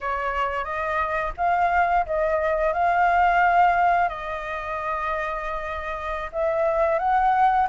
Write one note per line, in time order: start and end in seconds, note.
0.00 0.64 C#5
0.64 1.32 D#5
1.37 2.05 F5
2.05 2.73 D#5
2.73 4.08 F5
4.08 6.30 D#5
6.32 6.99 E5
6.99 7.67 F#5